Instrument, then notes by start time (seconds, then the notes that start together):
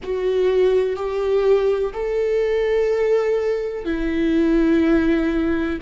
viola
0.03 F#4
0.95 G4
1.93 A4
3.84 E4